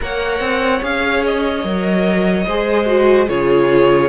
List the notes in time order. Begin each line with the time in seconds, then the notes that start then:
0.00 A#3 A#4 C#5 F#5
0.40 C4
0.82 C#4 G#4 F5
1.24 D#5
1.63 F#3 A#4
2.46 G#3 G#4 C5
2.86 F#4
3.28 C#3 F4 G#4 C#5